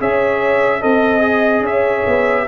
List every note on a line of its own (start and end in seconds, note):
0.00 0.83 C#4
0.00 0.82 G#4
0.00 0.81 C#5
0.00 0.83 E5
0.81 1.61 C4
0.81 1.22 A4
0.81 1.63 D#5
0.81 1.65 D#5
1.22 2.46 G#4
1.61 2.02 C#4
1.61 2.46 C#5
1.61 2.48 E5
2.07 2.48 B3